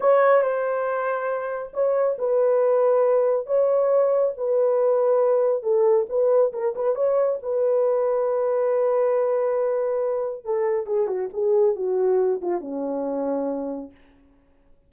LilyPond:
\new Staff \with { instrumentName = "horn" } { \time 4/4 \tempo 4 = 138 cis''4 c''2. | cis''4 b'2. | cis''2 b'2~ | b'4 a'4 b'4 ais'8 b'8 |
cis''4 b'2.~ | b'1 | a'4 gis'8 fis'8 gis'4 fis'4~ | fis'8 f'8 cis'2. | }